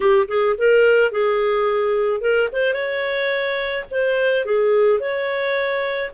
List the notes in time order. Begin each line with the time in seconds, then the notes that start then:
0.00 G4
0.28 G#4
0.58 A#4
1.11 G#4
2.20 A#4
2.52 C5
2.73 C#5
3.90 C5
4.45 G#4
4.99 C#5